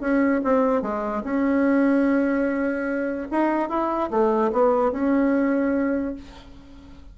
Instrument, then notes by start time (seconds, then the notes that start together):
bassoon
0.00 C#4
0.44 C4
0.82 G#3
1.24 C#4
3.31 D#4
3.69 E4
4.10 A3
4.52 B3
4.92 C#4